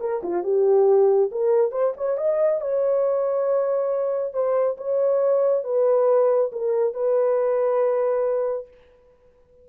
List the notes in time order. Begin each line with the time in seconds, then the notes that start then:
0.00 A#4
0.23 F4
0.43 G4
1.31 A#4
1.71 C5
1.97 C#5
2.17 D#5
2.61 C#5
4.33 C5
4.77 C#5
5.64 B4
6.52 A#4
6.94 B4